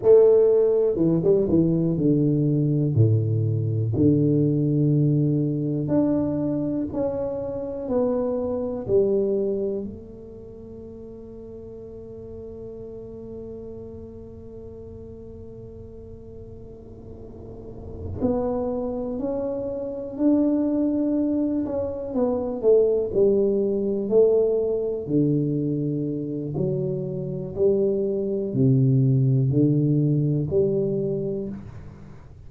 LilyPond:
\new Staff \with { instrumentName = "tuba" } { \time 4/4 \tempo 4 = 61 a4 e16 g16 e8 d4 a,4 | d2 d'4 cis'4 | b4 g4 a2~ | a1~ |
a2~ a8 b4 cis'8~ | cis'8 d'4. cis'8 b8 a8 g8~ | g8 a4 d4. fis4 | g4 c4 d4 g4 | }